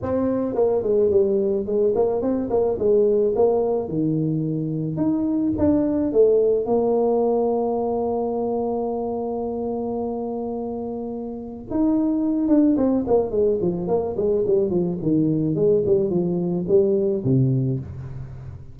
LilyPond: \new Staff \with { instrumentName = "tuba" } { \time 4/4 \tempo 4 = 108 c'4 ais8 gis8 g4 gis8 ais8 | c'8 ais8 gis4 ais4 dis4~ | dis4 dis'4 d'4 a4 | ais1~ |
ais1~ | ais4 dis'4. d'8 c'8 ais8 | gis8 f8 ais8 gis8 g8 f8 dis4 | gis8 g8 f4 g4 c4 | }